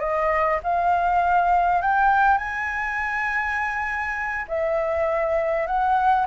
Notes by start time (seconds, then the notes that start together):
0.00 D#5
0.63 F5
1.82 G5
2.38 G#5
4.48 E5
5.67 F#5